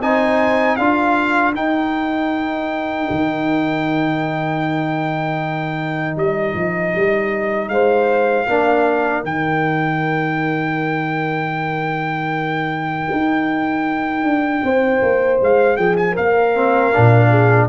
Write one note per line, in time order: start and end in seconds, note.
0.00 0.77 C4
0.00 0.79 D#4
0.00 0.77 C5
0.00 0.76 G#5
0.76 1.55 D4
0.76 1.55 F4
0.76 7.69 A#4
0.76 1.53 F5
1.55 3.09 D#4
1.55 8.47 D#4
1.55 6.17 G5
3.11 6.16 D#3
6.16 6.54 G3
6.16 7.69 D#5
6.55 6.94 F3
6.95 7.68 G3
7.68 8.45 G#3
7.68 8.47 C5
7.68 9.23 F5
8.47 9.24 A#3
8.47 9.25 D4
8.47 14.63 A#4
9.24 13.08 D#3
9.24 16.55 D#4
9.24 15.41 G5
13.12 14.24 D#4
14.24 14.62 D4
14.63 15.02 C4
14.63 15.79 C5
15.02 15.41 A#3
15.41 15.78 G#3
15.41 15.77 F5
15.77 16.17 F3
15.77 16.13 G#4
15.77 15.96 G5
15.97 16.16 G#5
16.13 16.95 A#3
16.13 17.29 A#4
16.13 17.69 F5
16.55 16.93 C4
16.93 17.69 A#2
16.93 17.69 D4
17.30 17.69 G#4